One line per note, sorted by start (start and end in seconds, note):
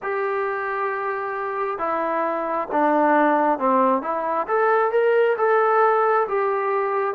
0.02 1.78 G4
1.78 2.68 E4
2.71 3.59 D4
3.59 4.02 C4
4.02 4.47 E4
4.47 4.91 A4
4.91 5.36 A#4
5.37 6.27 A4
6.28 7.14 G4